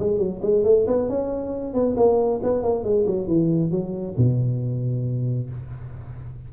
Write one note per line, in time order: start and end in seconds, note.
0.00 0.19 G#3
0.19 0.41 F#3
0.43 0.65 G#3
0.65 0.87 A3
0.88 1.09 B3
1.09 1.74 C#4
1.74 1.96 B3
1.97 2.41 A#3
2.43 2.63 B3
2.63 2.84 A#3
2.84 3.06 G#3
3.07 3.28 F#3
3.28 3.72 E3
3.72 4.16 F#3
4.18 5.50 B2